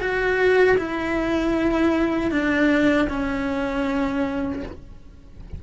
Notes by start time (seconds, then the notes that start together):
0.00 F#4
0.77 E4
2.31 D4
3.08 C#4